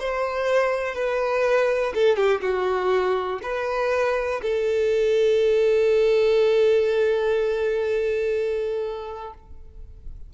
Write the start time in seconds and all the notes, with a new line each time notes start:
0.00 C5
0.95 B4
1.94 A4
2.17 G4
2.41 F#4
3.43 B4
4.42 A4